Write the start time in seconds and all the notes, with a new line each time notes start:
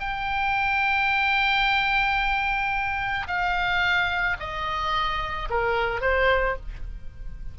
0.00 G5
3.28 F5
4.40 D#5
5.50 A#4
6.01 C5